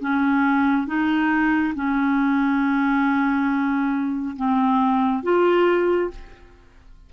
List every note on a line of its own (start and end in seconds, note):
0.00 0.87 C#4
0.87 1.74 D#4
1.75 4.36 C#4
4.36 5.23 C4
5.23 6.10 F4